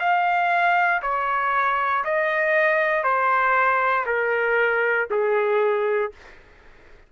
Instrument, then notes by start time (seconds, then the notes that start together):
trumpet
0.00 F5
1.03 C#5
2.05 D#5
3.04 C5
4.07 A#4
5.11 G#4